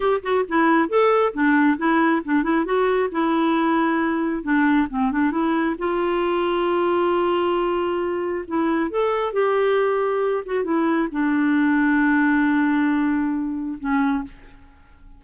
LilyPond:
\new Staff \with { instrumentName = "clarinet" } { \time 4/4 \tempo 4 = 135 g'8 fis'8 e'4 a'4 d'4 | e'4 d'8 e'8 fis'4 e'4~ | e'2 d'4 c'8 d'8 | e'4 f'2.~ |
f'2. e'4 | a'4 g'2~ g'8 fis'8 | e'4 d'2.~ | d'2. cis'4 | }